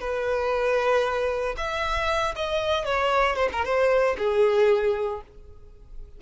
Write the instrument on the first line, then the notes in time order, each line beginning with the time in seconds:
violin
0.00 B4
1.57 E5
2.36 D#5
2.85 C#5
3.36 C5
3.52 A#4
3.64 C5
4.18 G#4